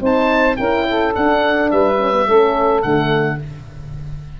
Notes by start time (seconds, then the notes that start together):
0.00 C4 D#4 C5 A5
0.56 C#4 E4 A#4 G5
0.88 A4
1.12 D4 F#5
1.71 G3 B4 E5
1.98 C#4
2.13 B3
2.26 A3 C#4 A4
2.82 D3 A3 F#5